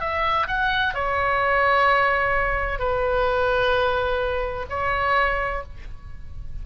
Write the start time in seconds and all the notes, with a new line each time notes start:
0.00 E5
0.47 F#5
0.94 C#5
2.79 B4
4.69 C#5